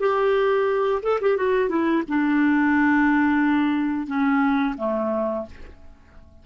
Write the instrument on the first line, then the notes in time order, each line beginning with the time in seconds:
clarinet
0.00 G4
1.03 A4
1.21 G4
1.37 F#4
1.69 E4
2.08 D4
4.07 C#4
4.78 A3